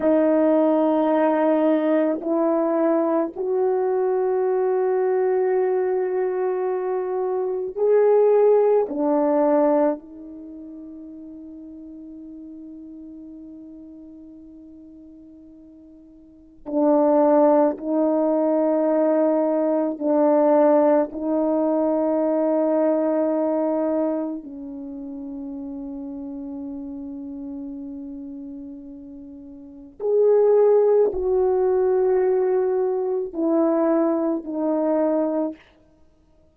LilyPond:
\new Staff \with { instrumentName = "horn" } { \time 4/4 \tempo 4 = 54 dis'2 e'4 fis'4~ | fis'2. gis'4 | d'4 dis'2.~ | dis'2. d'4 |
dis'2 d'4 dis'4~ | dis'2 cis'2~ | cis'2. gis'4 | fis'2 e'4 dis'4 | }